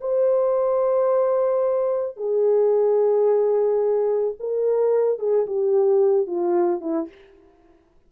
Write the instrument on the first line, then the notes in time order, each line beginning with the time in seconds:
horn
0.00 C5
2.16 G#4
4.39 A#4
5.19 G#4
5.46 G4
6.27 F4
6.81 E4